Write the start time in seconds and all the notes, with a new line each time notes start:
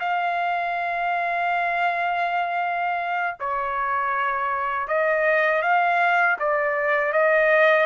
0.00 F5
3.40 C#5
4.88 D#5
5.62 F5
6.40 D5
7.13 D#5